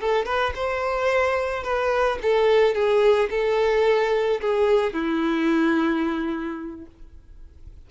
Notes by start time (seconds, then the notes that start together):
0.00 A4
0.25 B4
0.55 C5
1.63 B4
2.22 A4
2.74 G#4
3.30 A4
4.41 G#4
4.93 E4